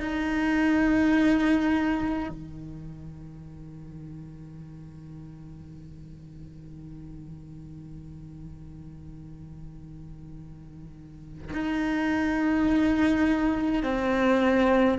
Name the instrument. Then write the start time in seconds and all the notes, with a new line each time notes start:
cello
0.00 D#4
2.29 D#3
11.53 D#4
13.83 C4